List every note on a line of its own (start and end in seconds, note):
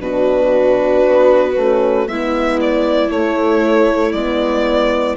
0.00 1.03 B2
0.00 1.56 D4
0.00 2.10 F#4
0.00 2.08 B4
1.08 1.56 B3
1.56 2.08 A3
1.56 2.07 C#4
2.07 3.10 G#3
2.07 3.11 B3
2.07 5.17 E4
2.07 2.59 E5
2.61 3.11 D5
3.10 4.13 A3
3.10 4.16 A3
3.10 4.12 C#5
4.12 5.16 G#3
4.12 5.17 B3
4.12 5.16 D5